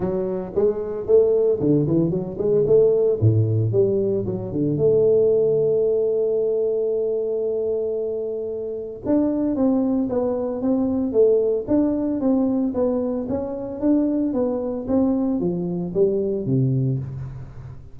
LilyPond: \new Staff \with { instrumentName = "tuba" } { \time 4/4 \tempo 4 = 113 fis4 gis4 a4 d8 e8 | fis8 gis8 a4 a,4 g4 | fis8 d8 a2.~ | a1~ |
a4 d'4 c'4 b4 | c'4 a4 d'4 c'4 | b4 cis'4 d'4 b4 | c'4 f4 g4 c4 | }